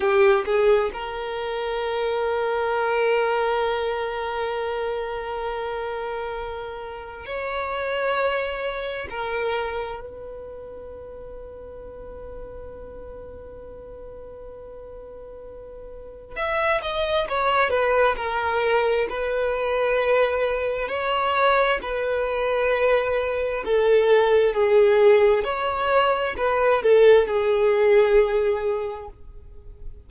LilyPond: \new Staff \with { instrumentName = "violin" } { \time 4/4 \tempo 4 = 66 g'8 gis'8 ais'2.~ | ais'1 | cis''2 ais'4 b'4~ | b'1~ |
b'2 e''8 dis''8 cis''8 b'8 | ais'4 b'2 cis''4 | b'2 a'4 gis'4 | cis''4 b'8 a'8 gis'2 | }